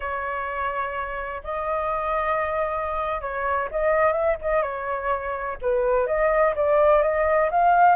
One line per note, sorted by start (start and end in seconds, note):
0.00 1.42 C#5
1.43 3.21 D#5
3.21 3.68 C#5
3.71 4.12 D#5
4.12 4.36 E5
4.41 4.62 D#5
4.62 5.57 C#5
5.61 6.06 B4
6.06 6.54 D#5
6.55 7.02 D5
7.02 7.50 D#5
7.51 7.95 F5